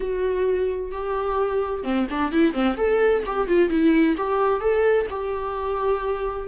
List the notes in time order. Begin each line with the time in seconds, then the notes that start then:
0.00 F#4
0.91 G4
1.83 C4
2.09 D4
2.32 E4
2.53 C4
2.77 A4
3.26 G4
3.47 F4
3.69 E4
4.17 G4
4.60 A4
5.10 G4